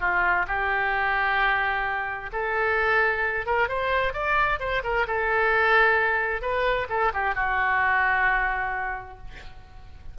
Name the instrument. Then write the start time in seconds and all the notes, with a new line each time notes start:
oboe
0.00 F4
0.47 G4
2.32 A4
3.46 A#4
3.68 C5
4.13 D5
4.59 C5
4.83 A#4
5.07 A4
6.41 B4
6.89 A4
7.13 G4
7.34 F#4